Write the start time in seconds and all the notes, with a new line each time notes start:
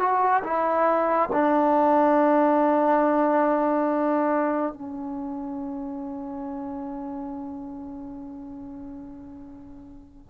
0.00 F#4
0.44 E4
1.33 D4
4.73 C#4